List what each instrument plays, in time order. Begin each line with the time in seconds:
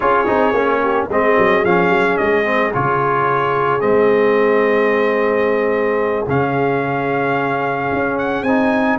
0.00 tuba C#4, trombone F4, horn G#4, trumpet C#5
0.26 tuba C4, trombone D#4
0.53 tuba A#3, trombone C#4
0.81 horn G4
1.08 tuba G#3, trombone C4, horn G#4, trumpet D#5
1.38 tuba F#3
1.64 tuba F3, trombone C#4, trumpet F5
1.89 tuba F#3
2.17 tuba G#3, trumpet D#5
2.44 trombone C4
2.73 tuba C#3, trombone F4, trumpet C#5
3.80 tuba G#3, trombone C4, trumpet D#5
6.27 tuba C#3, trombone C#4, trumpet F5
7.92 tuba C#4
8.18 trumpet F#5
8.42 tuba C4, trombone D#4, trumpet G#5